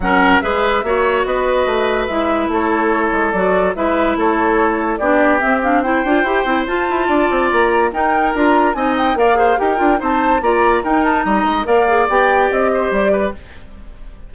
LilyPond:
<<
  \new Staff \with { instrumentName = "flute" } { \time 4/4 \tempo 4 = 144 fis''4 e''2 dis''4~ | dis''4 e''4 cis''2 | d''4 e''4 cis''2 | d''4 e''8 f''8 g''2 |
a''2 ais''4 g''4 | ais''4 gis''8 g''8 f''4 g''4 | a''4 ais''4 g''8 a''8 ais''4 | f''4 g''4 dis''4 d''4 | }
  \new Staff \with { instrumentName = "oboe" } { \time 4/4 ais'4 b'4 cis''4 b'4~ | b'2 a'2~ | a'4 b'4 a'2 | g'2 c''2~ |
c''4 d''2 ais'4~ | ais'4 dis''4 d''8 c''8 ais'4 | c''4 d''4 ais'4 dis''4 | d''2~ d''8 c''4 b'8 | }
  \new Staff \with { instrumentName = "clarinet" } { \time 4/4 cis'4 gis'4 fis'2~ | fis'4 e'2. | fis'4 e'2. | d'4 c'8 d'8 e'8 f'8 g'8 e'8 |
f'2. dis'4 | f'4 dis'4 ais'8 gis'8 g'8 f'8 | dis'4 f'4 dis'2 | ais'8 gis'8 g'2. | }
  \new Staff \with { instrumentName = "bassoon" } { \time 4/4 fis4 gis4 ais4 b4 | a4 gis4 a4. gis8 | fis4 gis4 a2 | b4 c'4. d'8 e'8 c'8 |
f'8 e'8 d'8 c'8 ais4 dis'4 | d'4 c'4 ais4 dis'8 d'8 | c'4 ais4 dis'4 g8 gis8 | ais4 b4 c'4 g4 | }
>>